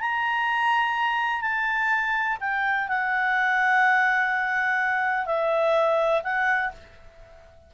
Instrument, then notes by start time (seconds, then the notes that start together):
clarinet
0.00 A#5
1.41 A5
2.40 G5
2.88 F#5
5.25 E5
6.23 F#5